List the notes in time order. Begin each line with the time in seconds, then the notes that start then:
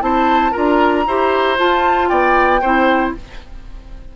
0.00 C4 E4 C5 A5
0.52 D4 F4 A#4 A#5
1.07 E4 G4 C5
1.57 F4 A5
2.08 B3 D5 G5
2.61 C4 E4 C5